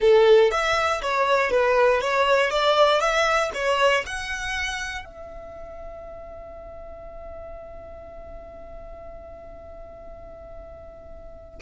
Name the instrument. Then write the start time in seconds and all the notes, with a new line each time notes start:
violin
0.00 A4
0.51 E5
1.02 C#5
1.50 B4
2.01 C#5
2.50 D5
3.00 E5
3.54 C#5
4.06 F#5
5.04 E5